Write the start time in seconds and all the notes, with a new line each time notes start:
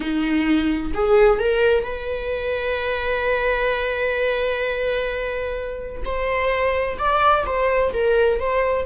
0.00 D#4
0.93 G#4
1.39 A#4
1.83 B4
6.04 C5
6.98 D5
7.46 C5
7.93 A#4
8.39 C5